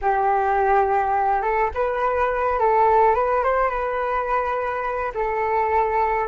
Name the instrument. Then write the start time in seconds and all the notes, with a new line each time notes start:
flute
0.01 G4
1.41 A4
1.74 B4
2.59 A4
3.15 B4
3.43 C5
3.69 B4
5.14 A4